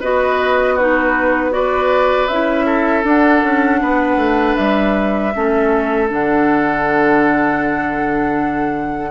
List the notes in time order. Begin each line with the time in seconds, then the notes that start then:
0.00 B3 F#4 B4 D#5
0.74 D#4 F#4 B4
1.50 F#4 B4 D5
2.27 C#4 E4 E5
2.66 A4
3.03 D4 F#5
3.43 C#4
3.82 B3 B4
4.16 A3
4.55 G3 E5
5.35 A3 C#4 A4
6.08 D3 D4 F#5